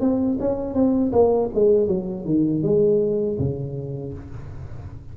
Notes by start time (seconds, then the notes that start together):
0.00 C4
0.40 C#4
0.74 C4
1.12 A#3
1.54 G#3
1.87 F#3
2.25 D#3
2.62 G#3
3.38 C#3